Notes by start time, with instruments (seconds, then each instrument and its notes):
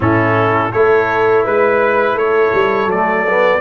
0.00 tuba A2, trombone C#4, horn E4, trumpet A4
0.72 tuba A3, trombone E4, horn A4, trumpet C#5
1.44 tuba G#3, horn B4, trumpet B4
2.14 tuba A3, horn A4, trumpet C#5
2.54 tuba G3
2.86 tuba F#3, trombone A3, trumpet D5
3.27 trombone B3